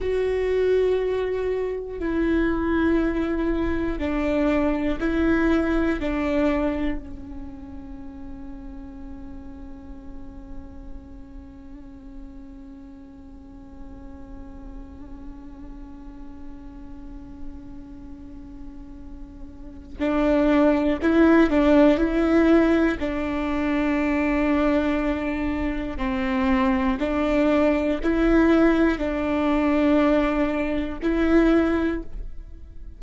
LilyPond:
\new Staff \with { instrumentName = "viola" } { \time 4/4 \tempo 4 = 60 fis'2 e'2 | d'4 e'4 d'4 cis'4~ | cis'1~ | cis'1~ |
cis'1 | d'4 e'8 d'8 e'4 d'4~ | d'2 c'4 d'4 | e'4 d'2 e'4 | }